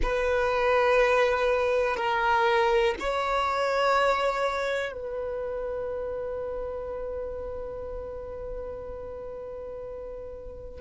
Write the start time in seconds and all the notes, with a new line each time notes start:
0.02 B4
1.96 A#4
2.99 C#5
4.92 B4